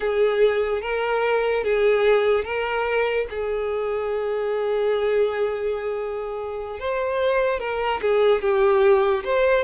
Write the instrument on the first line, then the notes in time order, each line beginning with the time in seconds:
violin
0.00 G#4
0.81 A#4
1.64 G#4
2.44 A#4
3.30 G#4
6.79 C5
7.59 A#4
8.01 G#4
8.41 G4
9.24 C5